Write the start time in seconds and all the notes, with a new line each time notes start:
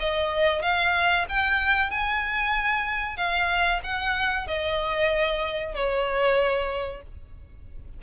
0.00 D#5
0.62 F5
1.29 G5
1.91 G#5
3.17 F5
3.84 F#5
4.47 D#5
5.75 C#5